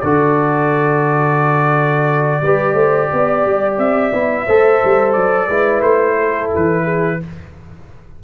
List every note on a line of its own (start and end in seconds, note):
0.00 2.41 D3
0.00 2.43 F#4
0.00 2.42 A4
0.00 3.75 D5
2.42 2.73 G3
2.42 4.13 G4
2.42 2.74 B4
2.73 3.07 A3
2.73 3.08 C5
3.12 3.45 B3
3.12 4.46 D5
3.45 3.78 G3
3.78 4.12 C4
3.78 5.13 E5
4.13 4.47 B3
4.13 4.47 E4
4.46 4.82 A3
4.46 5.50 A4
4.46 5.47 C5
4.84 5.16 G3
5.13 5.49 F#3
5.13 5.81 D5
5.47 5.81 G#3
5.47 7.20 E4
5.47 6.16 B4
5.81 6.50 A3
5.81 6.50 C5
6.17 6.84 A4
6.55 7.23 E3
6.55 7.23 B4
6.84 7.18 G#4